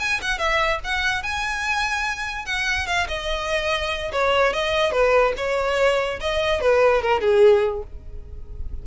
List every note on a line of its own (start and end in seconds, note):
0.00 0.21 G#5
0.22 0.39 F#5
0.39 0.80 E5
0.84 1.23 F#5
1.23 2.46 G#5
2.46 2.87 F#5
2.87 3.08 F5
3.08 4.12 D#5
4.12 4.53 C#5
4.53 4.92 D#5
4.92 5.34 B4
5.37 6.20 C#5
6.21 6.61 D#5
6.61 7.03 B4
7.03 7.21 A#4
7.21 7.83 G#4